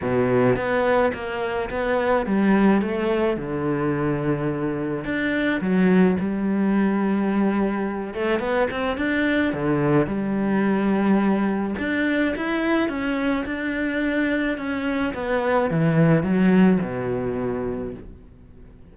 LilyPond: \new Staff \with { instrumentName = "cello" } { \time 4/4 \tempo 4 = 107 b,4 b4 ais4 b4 | g4 a4 d2~ | d4 d'4 fis4 g4~ | g2~ g8 a8 b8 c'8 |
d'4 d4 g2~ | g4 d'4 e'4 cis'4 | d'2 cis'4 b4 | e4 fis4 b,2 | }